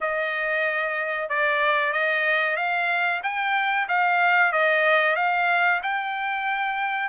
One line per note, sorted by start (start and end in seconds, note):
0.01 1.29 D#5
1.29 1.92 D5
1.92 2.56 D#5
2.56 3.21 F5
3.23 3.87 G5
3.88 4.52 F5
4.52 5.16 D#5
5.16 5.80 F5
5.82 7.08 G5